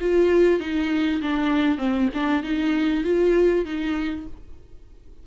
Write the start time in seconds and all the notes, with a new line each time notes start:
0.00 F4
0.60 D#4
1.21 D4
1.78 C4
2.14 D4
2.43 D#4
3.04 F4
3.65 D#4